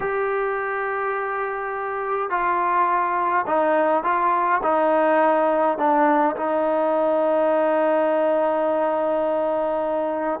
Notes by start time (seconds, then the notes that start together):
0.00 G4
2.30 F4
3.46 D#4
4.03 F4
4.62 D#4
5.77 D4
6.36 D#4